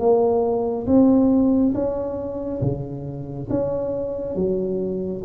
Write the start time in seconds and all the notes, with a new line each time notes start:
0.00 A#3
0.87 C4
1.75 C#4
2.62 C#3
3.50 C#4
4.36 F#3